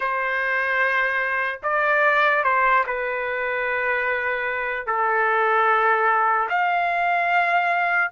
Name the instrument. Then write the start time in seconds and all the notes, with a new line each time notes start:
trumpet
0.00 C5
1.63 D5
2.43 C5
2.86 B4
4.86 A4
6.49 F5